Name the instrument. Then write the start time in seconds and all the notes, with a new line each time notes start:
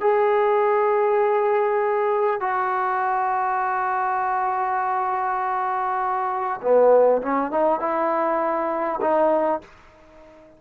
trombone
0.00 G#4
2.40 F#4
6.61 B3
7.22 C#4
7.51 D#4
7.80 E4
9.01 D#4